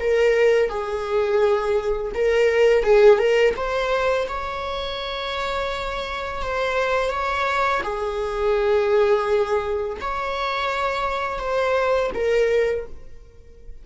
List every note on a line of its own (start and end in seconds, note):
0.00 0.69 A#4
0.69 2.12 G#4
2.14 2.83 A#4
2.83 3.19 G#4
3.19 3.54 A#4
3.56 4.28 C5
4.29 6.43 C#5
6.43 7.10 C5
7.10 7.82 C#5
7.83 9.97 G#4
10.01 11.39 C#5
11.39 12.11 C5
12.14 12.86 A#4